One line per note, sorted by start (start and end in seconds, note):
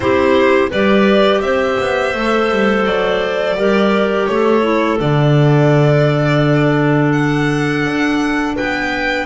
0.00 0.70 C4
0.00 0.70 E4
0.00 0.69 G4
0.00 0.69 C5
0.69 1.41 G3
0.69 2.15 G4
0.69 1.40 B4
0.69 1.41 D5
1.41 1.77 C4
1.41 3.57 C5
1.41 2.84 E5
1.79 2.14 B3
2.14 2.50 A3
2.14 3.58 A4
2.50 2.85 G3
2.85 3.55 F#3
2.85 4.26 D5
3.55 4.26 G3
3.55 4.62 G4
3.55 4.29 A#4
4.26 5.00 A3
4.26 8.55 A4
4.26 4.97 C#5
4.62 4.97 E4
4.99 7.85 D3
4.99 9.26 D4
4.99 7.11 D5
7.11 8.54 F#5
7.85 8.57 D4
8.55 9.26 B3
8.55 9.26 B4
8.55 9.26 G5